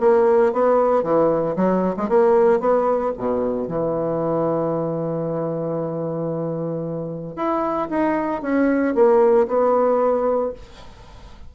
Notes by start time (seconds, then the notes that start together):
0.00 A#3
0.53 B3
1.03 E3
1.56 F#3
1.97 G#3
2.09 A#3
2.60 B3
3.17 B2
3.68 E3
7.36 E4
7.90 D#4
8.42 C#4
8.95 A#3
9.47 B3